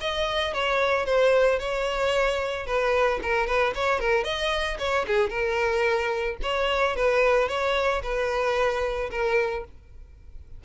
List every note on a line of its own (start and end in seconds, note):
0.00 0.53 D#5
0.53 1.05 C#5
1.05 1.59 C5
1.59 2.66 C#5
2.66 3.19 B4
3.22 3.47 A#4
3.47 3.73 B4
3.75 3.99 C#5
3.99 4.24 A#4
4.24 4.78 D#5
4.78 5.05 C#5
5.07 5.29 G#4
5.29 6.37 A#4
6.42 6.95 C#5
6.96 7.48 B4
7.48 8.02 C#5
8.02 9.09 B4
9.10 9.64 A#4